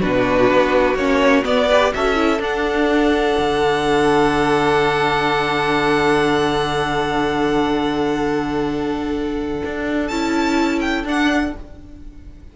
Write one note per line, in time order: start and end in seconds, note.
0.00 0.51 B2
0.00 0.97 D4
0.00 1.68 F#4
0.00 0.96 B4
0.51 0.96 B3
0.96 1.44 A#3
0.96 1.44 C#4
0.96 1.44 C#5
1.44 1.68 B3
1.44 1.93 B3
1.44 1.93 D5
1.69 1.95 G4
1.69 1.93 B4
1.94 2.40 C#4
1.94 2.16 F#4
1.94 11.56 A4
1.94 2.42 E5
2.16 2.40 E4
2.40 3.36 D4
2.40 10.09 D4
2.40 10.08 F#5
3.39 9.63 D3
9.65 10.11 D4
10.08 11.04 C#4
10.08 11.05 E4
10.08 10.80 A5
10.81 11.05 G5
11.04 11.52 D4
11.04 11.53 D4
11.04 11.56 F#5